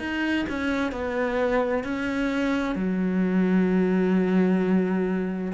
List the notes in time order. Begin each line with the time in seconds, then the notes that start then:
0.00 D#4
0.50 C#4
0.92 B3
1.85 C#4
2.76 F#3